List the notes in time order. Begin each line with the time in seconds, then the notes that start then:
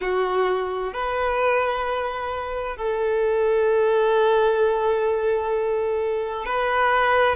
0.00 F#4
0.93 B4
2.77 A4
6.45 B4